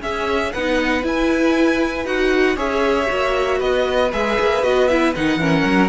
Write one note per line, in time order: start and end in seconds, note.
0.00 0.51 C#4
0.00 0.53 C#4
0.00 0.53 G#4
0.00 0.53 E5
0.53 1.03 B3
0.53 1.02 D#4
0.53 2.56 B4
0.53 1.04 F#5
1.02 2.05 E4
1.02 2.06 E4
1.02 2.06 G#5
2.05 2.56 D#4
2.05 2.57 F#4
2.05 2.58 F#5
2.56 3.07 C#4
2.56 3.07 G#4
2.56 3.59 C#5
2.56 3.61 E5
3.07 3.61 A#3
3.07 4.10 F#4
3.59 4.12 B3
3.59 5.38 B4
3.59 4.12 D#5
4.13 4.39 G#3
4.13 4.63 G#4
4.13 4.63 E5
4.40 4.63 A#3
4.63 5.14 B3
4.63 4.89 F#4
4.63 4.88 D#5
4.88 5.15 E4
4.88 5.13 E5
5.15 5.37 D#3
5.15 5.40 D#4
5.15 5.89 F#5
5.37 5.63 E3
5.37 5.89 C#4
5.37 5.89 A#4
5.65 5.89 F#3